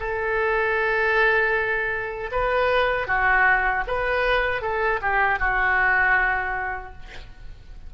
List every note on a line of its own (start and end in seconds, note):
0.00 2.30 A4
2.32 3.07 B4
3.07 3.84 F#4
3.87 4.62 B4
4.62 5.00 A4
5.02 5.39 G4
5.39 6.93 F#4